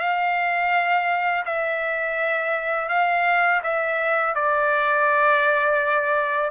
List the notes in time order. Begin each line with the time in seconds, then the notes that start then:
0.00 F5
1.46 E5
2.89 F5
3.63 E5
4.35 D5